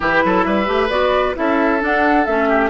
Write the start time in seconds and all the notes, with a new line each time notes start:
0.00 E3 E4 G4 B4
0.24 F#3 A4
0.42 G3 B4 E5
0.65 A3 G4
0.89 B3 F#4 D5
1.34 C#4 E4 A4 E5
1.80 D4 F#5
2.25 A3 C#4 E5
2.48 G4